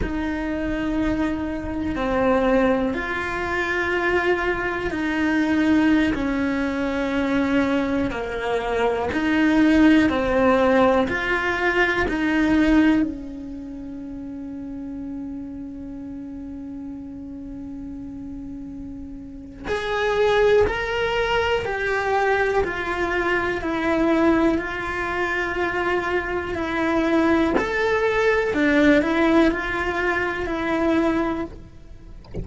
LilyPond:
\new Staff \with { instrumentName = "cello" } { \time 4/4 \tempo 4 = 61 dis'2 c'4 f'4~ | f'4 dis'4~ dis'16 cis'4.~ cis'16~ | cis'16 ais4 dis'4 c'4 f'8.~ | f'16 dis'4 cis'2~ cis'8.~ |
cis'1 | gis'4 ais'4 g'4 f'4 | e'4 f'2 e'4 | a'4 d'8 e'8 f'4 e'4 | }